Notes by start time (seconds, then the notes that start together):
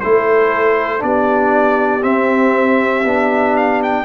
0.00 A3 E4 A4 C5
0.99 B3 D4 G4 D5
2.02 C4 E5
3.04 B3 D4
3.56 F5
3.83 G5